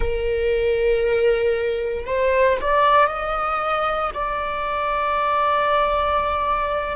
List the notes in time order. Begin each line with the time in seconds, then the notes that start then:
0.00 A#4
2.05 C5
2.61 D5
3.07 D#5
4.14 D5